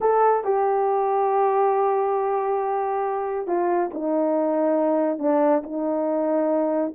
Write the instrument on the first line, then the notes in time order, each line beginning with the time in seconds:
horn
0.00 A4
0.44 G4
3.47 F4
3.93 D#4
5.18 D4
5.63 D#4